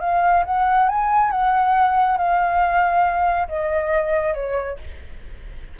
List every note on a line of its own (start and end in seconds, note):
0.00 0.43 F5
0.45 0.88 F#5
0.88 1.31 G#5
1.31 2.17 F#5
2.17 3.48 F5
3.48 4.34 D#5
4.34 4.77 C#5